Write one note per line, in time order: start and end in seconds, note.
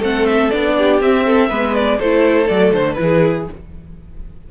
0.00 0.50 A3
0.00 0.51 C4
0.00 0.74 A4
0.00 0.27 F#5
0.27 0.51 E5
0.51 1.01 B3
0.51 1.01 D4
0.51 1.00 D5
0.78 1.26 G4
1.01 1.50 C4
1.01 1.75 E5
1.26 1.49 A4
1.49 2.00 G#3
1.49 1.99 B3
1.49 1.99 B4
1.75 2.00 D5
1.99 2.50 A3
1.99 2.48 E4
1.99 2.98 A4
1.99 2.48 C5
2.48 2.73 F#3
2.48 2.97 A3
2.48 2.73 D5
2.73 2.98 D3
2.73 2.94 C5
2.94 3.49 E3
2.94 3.46 E4
2.94 3.44 B4
3.02 3.51 G#4